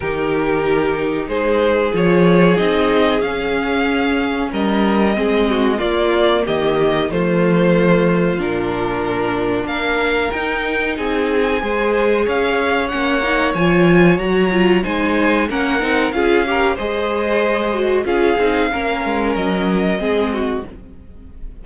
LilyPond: <<
  \new Staff \with { instrumentName = "violin" } { \time 4/4 \tempo 4 = 93 ais'2 c''4 cis''4 | dis''4 f''2 dis''4~ | dis''4 d''4 dis''4 c''4~ | c''4 ais'2 f''4 |
g''4 gis''2 f''4 | fis''4 gis''4 ais''4 gis''4 | fis''4 f''4 dis''2 | f''2 dis''2 | }
  \new Staff \with { instrumentName = "violin" } { \time 4/4 g'2 gis'2~ | gis'2. ais'4 | gis'8 fis'8 f'4 g'4 f'4~ | f'2. ais'4~ |
ais'4 gis'4 c''4 cis''4~ | cis''2. c''4 | ais'4 gis'8 ais'8 c''2 | gis'4 ais'2 gis'8 fis'8 | }
  \new Staff \with { instrumentName = "viola" } { \time 4/4 dis'2. f'4 | dis'4 cis'2. | c'4 ais2 a4~ | a4 d'2. |
dis'2 gis'2 | cis'8 dis'8 f'4 fis'8 f'8 dis'4 | cis'8 dis'8 f'8 g'8 gis'4. fis'8 | f'8 dis'8 cis'2 c'4 | }
  \new Staff \with { instrumentName = "cello" } { \time 4/4 dis2 gis4 f4 | c'4 cis'2 g4 | gis4 ais4 dis4 f4~ | f4 ais,2 ais4 |
dis'4 c'4 gis4 cis'4 | ais4 f4 fis4 gis4 | ais8 c'8 cis'4 gis2 | cis'8 c'8 ais8 gis8 fis4 gis4 | }
>>